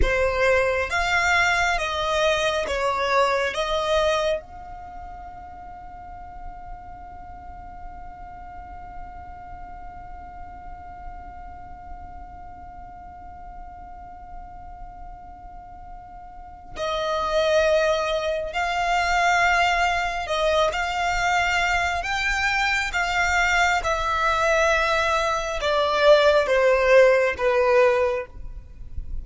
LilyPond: \new Staff \with { instrumentName = "violin" } { \time 4/4 \tempo 4 = 68 c''4 f''4 dis''4 cis''4 | dis''4 f''2.~ | f''1~ | f''1~ |
f''2. dis''4~ | dis''4 f''2 dis''8 f''8~ | f''4 g''4 f''4 e''4~ | e''4 d''4 c''4 b'4 | }